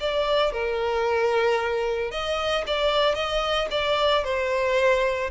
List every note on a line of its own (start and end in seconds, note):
0.00 0.52 D5
0.52 2.11 A#4
2.11 2.64 D#5
2.67 3.15 D5
3.15 3.68 D#5
3.71 4.24 D5
4.24 5.30 C5